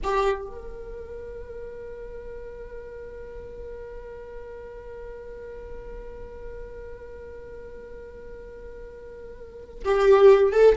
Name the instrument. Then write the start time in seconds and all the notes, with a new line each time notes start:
viola
0.03 G4
0.46 A#4
9.84 G4
10.52 A4